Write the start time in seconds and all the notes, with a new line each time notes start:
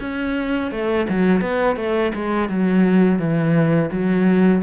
0.00 C#4
0.71 A3
1.09 F#3
1.41 B3
1.76 A3
2.14 G#3
2.49 F#3
3.19 E3
3.91 F#3